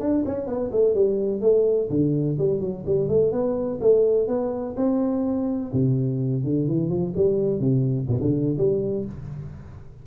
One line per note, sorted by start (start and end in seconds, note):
0.00 0.24 D4
0.26 0.46 C#4
0.46 0.70 B3
0.72 0.94 A3
0.94 1.41 G3
1.41 1.89 A3
1.90 2.37 D3
2.38 2.60 G3
2.60 2.84 F#3
2.86 3.08 G3
3.08 3.32 A3
3.32 3.79 B3
3.81 4.27 A3
4.27 4.75 B3
4.76 5.72 C4
5.73 6.44 C3
6.44 6.67 D3
6.67 6.89 E3
6.89 7.13 F3
7.16 7.60 G3
7.60 8.07 C3
8.08 8.20 B2
8.21 8.57 D3
8.58 9.05 G3